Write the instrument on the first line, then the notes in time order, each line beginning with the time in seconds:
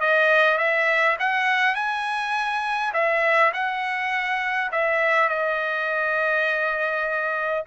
trumpet
0.00 D#5
0.57 E5
1.19 F#5
1.75 G#5
2.93 E5
3.53 F#5
4.71 E5
5.29 D#5